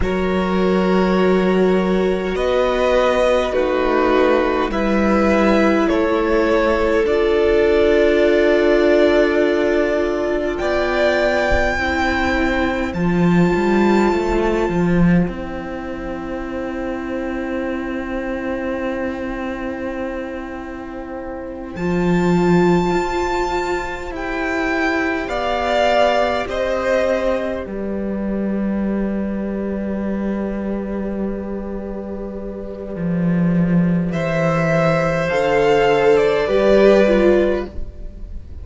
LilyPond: <<
  \new Staff \with { instrumentName = "violin" } { \time 4/4 \tempo 4 = 51 cis''2 dis''4 b'4 | e''4 cis''4 d''2~ | d''4 g''2 a''4~ | a''4 g''2.~ |
g''2~ g''8 a''4.~ | a''8 g''4 f''4 dis''4 d''8~ | d''1~ | d''4 e''4 f''8. d''4~ d''16 | }
  \new Staff \with { instrumentName = "violin" } { \time 4/4 ais'2 b'4 fis'4 | b'4 a'2.~ | a'4 d''4 c''2~ | c''1~ |
c''1~ | c''4. d''4 c''4 b'8~ | b'1~ | b'4 c''2 b'4 | }
  \new Staff \with { instrumentName = "viola" } { \time 4/4 fis'2. dis'4 | e'2 f'2~ | f'2 e'4 f'4~ | f'4 e'2.~ |
e'2~ e'8 f'4.~ | f'8 g'2.~ g'8~ | g'1~ | g'2 a'4 g'8 f'8 | }
  \new Staff \with { instrumentName = "cello" } { \time 4/4 fis2 b4 a4 | g4 a4 d'2~ | d'4 b4 c'4 f8 g8 | a8 f8 c'2.~ |
c'2~ c'8 f4 f'8~ | f'8 e'4 b4 c'4 g8~ | g1 | f4 e4 d4 g4 | }
>>